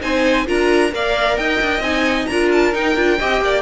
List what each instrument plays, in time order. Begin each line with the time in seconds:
0.00 cello C4, viola D#4, violin C5 G#5
0.46 cello D4, viola F4, violin A#4 A#5
0.92 cello A#3, viola A#4, violin D5 F5
1.37 cello D#4, violin D#5 G5
1.61 cello D4
1.79 cello C4, viola D#4, violin G#5
2.26 cello D4, viola F4, violin A#4 A#5
2.52 violin A5
2.73 viola D#4, cello D#4, violin G5
2.95 cello D4, viola F4
3.19 cello C4, viola G4, violin D#5
3.41 cello A#3, violin D5